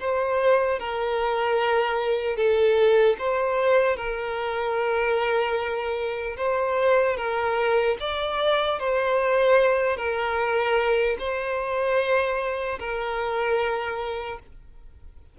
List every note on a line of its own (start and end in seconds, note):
0.00 0.79 C5
0.79 2.37 A#4
2.37 3.17 A4
3.19 3.96 C5
3.96 6.36 A#4
6.37 7.17 C5
7.17 7.97 A#4
8.00 8.79 D5
8.79 9.97 C5
9.97 11.17 A#4
11.19 12.79 C5
12.79 14.39 A#4